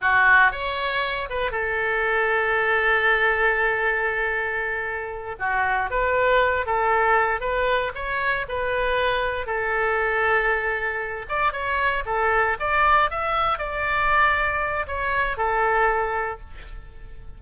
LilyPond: \new Staff \with { instrumentName = "oboe" } { \time 4/4 \tempo 4 = 117 fis'4 cis''4. b'8 a'4~ | a'1~ | a'2~ a'8 fis'4 b'8~ | b'4 a'4. b'4 cis''8~ |
cis''8 b'2 a'4.~ | a'2 d''8 cis''4 a'8~ | a'8 d''4 e''4 d''4.~ | d''4 cis''4 a'2 | }